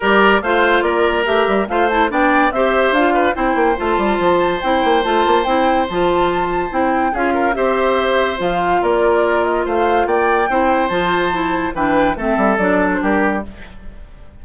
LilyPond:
<<
  \new Staff \with { instrumentName = "flute" } { \time 4/4 \tempo 4 = 143 d''4 f''4 d''4 e''4 | f''8 a''8 g''4 e''4 f''4 | g''4 a''2 g''4 | a''4 g''4 a''2 |
g''4 f''4 e''2 | f''4 d''4. dis''8 f''4 | g''2 a''2 | g''4 e''4 d''8. c''16 ais'4 | }
  \new Staff \with { instrumentName = "oboe" } { \time 4/4 ais'4 c''4 ais'2 | c''4 d''4 c''4. b'8 | c''1~ | c''1~ |
c''4 gis'8 ais'8 c''2~ | c''4 ais'2 c''4 | d''4 c''2. | b'4 a'2 g'4 | }
  \new Staff \with { instrumentName = "clarinet" } { \time 4/4 g'4 f'2 g'4 | f'8 e'8 d'4 g'4 f'4 | e'4 f'2 e'4 | f'4 e'4 f'2 |
e'4 f'4 g'2 | f'1~ | f'4 e'4 f'4 e'4 | d'4 c'4 d'2 | }
  \new Staff \with { instrumentName = "bassoon" } { \time 4/4 g4 a4 ais4 a8 g8 | a4 b4 c'4 d'4 | c'8 ais8 a8 g8 f4 c'8 ais8 | a8 ais8 c'4 f2 |
c'4 cis'4 c'2 | f4 ais2 a4 | ais4 c'4 f2 | e4 a8 g8 fis4 g4 | }
>>